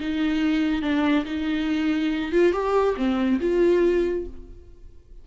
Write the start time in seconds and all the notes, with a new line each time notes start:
0.00 D#4
0.82 D4
1.25 D#4
2.32 F4
2.52 G4
2.97 C4
3.41 F4